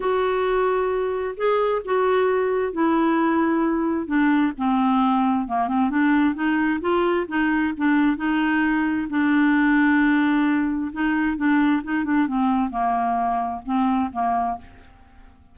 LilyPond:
\new Staff \with { instrumentName = "clarinet" } { \time 4/4 \tempo 4 = 132 fis'2. gis'4 | fis'2 e'2~ | e'4 d'4 c'2 | ais8 c'8 d'4 dis'4 f'4 |
dis'4 d'4 dis'2 | d'1 | dis'4 d'4 dis'8 d'8 c'4 | ais2 c'4 ais4 | }